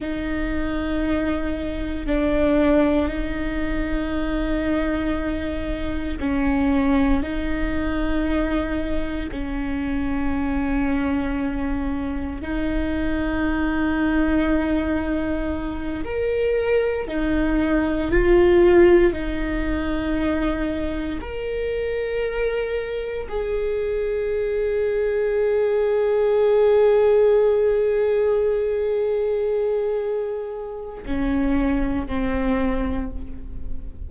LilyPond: \new Staff \with { instrumentName = "viola" } { \time 4/4 \tempo 4 = 58 dis'2 d'4 dis'4~ | dis'2 cis'4 dis'4~ | dis'4 cis'2. | dis'2.~ dis'8 ais'8~ |
ais'8 dis'4 f'4 dis'4.~ | dis'8 ais'2 gis'4.~ | gis'1~ | gis'2 cis'4 c'4 | }